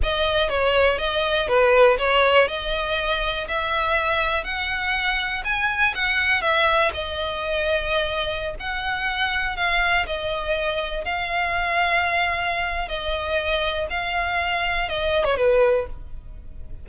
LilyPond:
\new Staff \with { instrumentName = "violin" } { \time 4/4 \tempo 4 = 121 dis''4 cis''4 dis''4 b'4 | cis''4 dis''2 e''4~ | e''4 fis''2 gis''4 | fis''4 e''4 dis''2~ |
dis''4~ dis''16 fis''2 f''8.~ | f''16 dis''2 f''4.~ f''16~ | f''2 dis''2 | f''2 dis''8. cis''16 b'4 | }